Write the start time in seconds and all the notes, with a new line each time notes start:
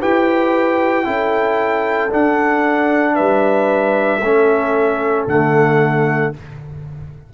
0.00 E4 G4 B4 G5
1.04 C#4 E4 A4
2.10 D4 F#5
3.14 G3 B4 E5
4.21 A3 C#4 A4
5.27 D3 A3 F#5